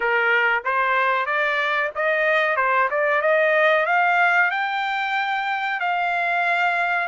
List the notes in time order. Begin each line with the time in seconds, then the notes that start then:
0.00 A#4
0.64 C5
1.26 D5
1.95 D#5
2.56 C5
2.90 D5
3.21 D#5
3.86 F5
4.50 G5
5.79 F5